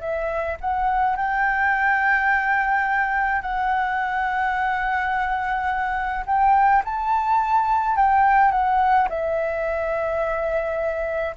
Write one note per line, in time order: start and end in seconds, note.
0.00 0.57 E5
0.60 1.16 F#5
1.16 3.41 G5
3.41 6.24 F#5
6.26 6.82 G5
6.84 7.96 A5
7.96 8.51 G5
8.51 9.08 F#5
9.09 11.35 E5